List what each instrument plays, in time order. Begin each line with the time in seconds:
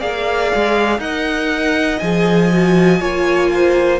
0.00 cello A#3, viola G#4, violin D5 F5
0.55 cello G#3
0.99 cello D#4, viola A#4, violin D#5 F#5
1.99 cello F3, viola G#4, violin G#5
2.52 viola F#4
3.00 cello A#3, viola F4, violin C#5
3.54 violin C5